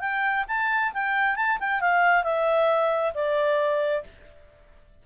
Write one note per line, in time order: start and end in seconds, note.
0.00 0.45 G5
0.48 0.93 A5
0.94 1.36 G5
1.36 1.58 A5
1.60 1.81 G5
1.81 2.23 F5
2.23 3.13 E5
3.14 4.04 D5